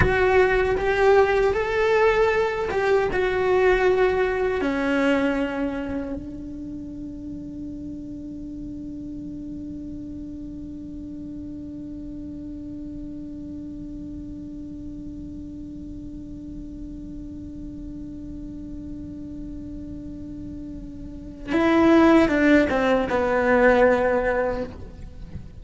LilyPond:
\new Staff \with { instrumentName = "cello" } { \time 4/4 \tempo 4 = 78 fis'4 g'4 a'4. g'8 | fis'2 cis'2 | d'1~ | d'1~ |
d'1~ | d'1~ | d'1 | e'4 d'8 c'8 b2 | }